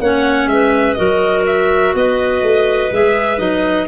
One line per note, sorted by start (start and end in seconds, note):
0.00 0.47 A#3
0.00 0.97 C#4
0.00 0.50 C#5
0.00 0.48 F#5
0.47 0.95 G#3
0.47 0.98 B4
0.47 0.94 E5
0.94 1.95 F#3
0.94 2.90 F#4
0.94 1.95 A#4
0.94 1.42 D#5
1.47 1.95 E5
1.95 2.42 B3
1.95 3.88 B4
1.95 2.94 D#5
2.42 2.91 A3
2.92 3.39 G#3
2.92 3.37 G#4
2.92 3.39 E5
3.37 3.87 F#3
3.37 3.86 D#4
3.37 3.87 D#5